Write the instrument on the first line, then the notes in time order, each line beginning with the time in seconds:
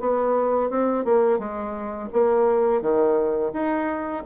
bassoon
0.00 B3
0.70 C4
1.05 A#3
1.39 G#3
2.12 A#3
2.81 D#3
3.53 D#4